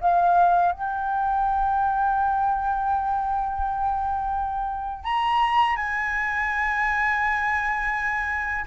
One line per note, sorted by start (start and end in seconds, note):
0.00 0.72 F5
0.72 5.04 G5
5.04 5.76 A#5
5.76 8.65 G#5